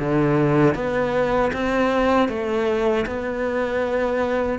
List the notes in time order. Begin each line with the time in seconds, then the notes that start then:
0.00 D3
0.75 B3
1.54 C4
2.29 A3
3.07 B3